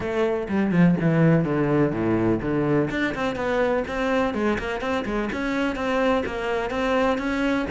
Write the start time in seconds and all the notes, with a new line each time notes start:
0.00 A3
0.48 G3
0.71 F3
1.00 E3
1.44 D3
1.92 A2
2.41 D3
2.90 D4
3.14 C4
3.35 B3
3.87 C4
4.34 G#3
4.58 A#3
4.80 C4
5.05 G#3
5.32 C#4
5.75 C4
6.25 A#3
6.70 C4
7.18 C#4